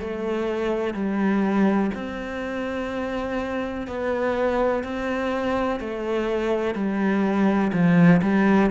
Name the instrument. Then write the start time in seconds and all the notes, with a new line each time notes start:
cello
0.00 A3
0.94 G3
1.94 C4
3.87 B3
4.83 C4
5.80 A3
6.75 G3
7.73 F3
8.22 G3